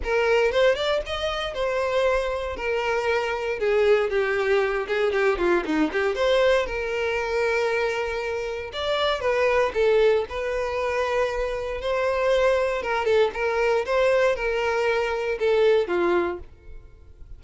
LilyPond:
\new Staff \with { instrumentName = "violin" } { \time 4/4 \tempo 4 = 117 ais'4 c''8 d''8 dis''4 c''4~ | c''4 ais'2 gis'4 | g'4. gis'8 g'8 f'8 dis'8 g'8 | c''4 ais'2.~ |
ais'4 d''4 b'4 a'4 | b'2. c''4~ | c''4 ais'8 a'8 ais'4 c''4 | ais'2 a'4 f'4 | }